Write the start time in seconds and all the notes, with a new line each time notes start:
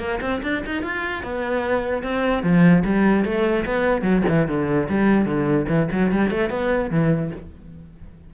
0.00 A#3
0.22 C4
0.43 D4
0.66 D#4
0.83 F4
1.23 B3
2.03 C4
2.44 F3
2.85 G3
3.25 A3
3.66 B3
4.02 F#3
4.29 E3
4.48 D3
4.89 G3
5.26 D3
5.69 E3
5.92 F#3
6.12 G3
6.31 A3
6.50 B3
6.91 E3